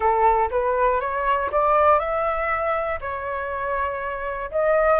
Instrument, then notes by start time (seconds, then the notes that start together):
flute
0.00 A4
0.50 B4
1.00 C#5
1.51 D5
1.99 E5
3.00 C#5
4.51 D#5